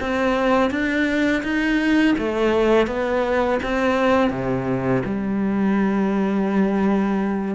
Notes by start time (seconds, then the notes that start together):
0.00 C4
0.70 D4
1.43 D#4
2.18 A3
2.87 B3
3.63 C4
4.30 C3
5.05 G3